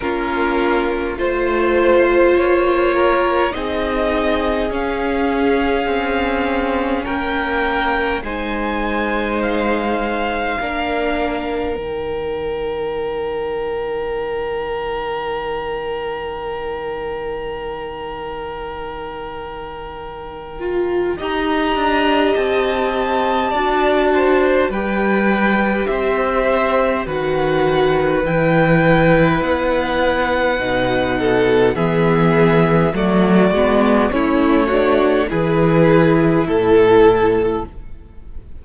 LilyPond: <<
  \new Staff \with { instrumentName = "violin" } { \time 4/4 \tempo 4 = 51 ais'4 c''4 cis''4 dis''4 | f''2 g''4 gis''4 | f''2 g''2~ | g''1~ |
g''2 ais''4 a''4~ | a''4 g''4 e''4 fis''4 | g''4 fis''2 e''4 | d''4 cis''4 b'4 a'4 | }
  \new Staff \with { instrumentName = "violin" } { \time 4/4 f'4 c''4. ais'8 gis'4~ | gis'2 ais'4 c''4~ | c''4 ais'2.~ | ais'1~ |
ais'2 dis''2 | d''8 c''8 b'4 c''4 b'4~ | b'2~ b'8 a'8 gis'4 | fis'4 e'8 fis'8 gis'4 a'4 | }
  \new Staff \with { instrumentName = "viola" } { \time 4/4 cis'4 f'2 dis'4 | cis'2. dis'4~ | dis'4 d'4 dis'2~ | dis'1~ |
dis'4. f'8 g'2 | fis'4 g'2 fis'4 | e'2 dis'4 b4 | a8 b8 cis'8 d'8 e'2 | }
  \new Staff \with { instrumentName = "cello" } { \time 4/4 ais4 a4 ais4 c'4 | cis'4 c'4 ais4 gis4~ | gis4 ais4 dis2~ | dis1~ |
dis2 dis'8 d'8 c'4 | d'4 g4 c'4 dis4 | e4 b4 b,4 e4 | fis8 gis8 a4 e4 a,4 | }
>>